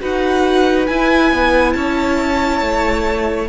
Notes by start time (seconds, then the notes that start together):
0.00 D#4 F#4 B4 F#5
0.87 E4 G#5
1.33 B3
1.73 C#4 C#5 A5
2.61 A3